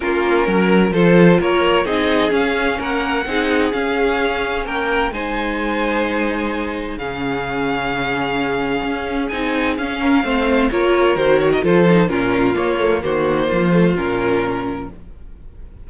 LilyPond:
<<
  \new Staff \with { instrumentName = "violin" } { \time 4/4 \tempo 4 = 129 ais'2 c''4 cis''4 | dis''4 f''4 fis''2 | f''2 g''4 gis''4~ | gis''2. f''4~ |
f''1 | gis''4 f''2 cis''4 | c''8 cis''16 dis''16 c''4 ais'4 cis''4 | c''2 ais'2 | }
  \new Staff \with { instrumentName = "violin" } { \time 4/4 f'4 ais'4 a'4 ais'4 | gis'2 ais'4 gis'4~ | gis'2 ais'4 c''4~ | c''2. gis'4~ |
gis'1~ | gis'4. ais'8 c''4 ais'4~ | ais'4 a'4 f'2 | fis'4 f'2. | }
  \new Staff \with { instrumentName = "viola" } { \time 4/4 cis'2 f'2 | dis'4 cis'2 dis'4 | cis'2. dis'4~ | dis'2. cis'4~ |
cis'1 | dis'4 cis'4 c'4 f'4 | fis'4 f'8 dis'8 cis'4 ais8 a8 | ais4. a8 cis'2 | }
  \new Staff \with { instrumentName = "cello" } { \time 4/4 ais4 fis4 f4 ais4 | c'4 cis'4 ais4 c'4 | cis'2 ais4 gis4~ | gis2. cis4~ |
cis2. cis'4 | c'4 cis'4 a4 ais4 | dis4 f4 ais,4 ais4 | dis4 f4 ais,2 | }
>>